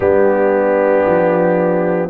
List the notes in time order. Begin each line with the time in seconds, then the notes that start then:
0.00 G3 B3 D4 G4
1.05 F3